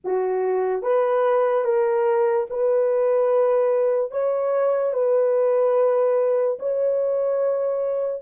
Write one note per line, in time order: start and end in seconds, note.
0.04 0.82 F#4
0.82 1.64 B4
1.64 2.46 A#4
2.50 4.11 B4
4.11 4.93 C#5
4.93 6.57 B4
6.59 8.22 C#5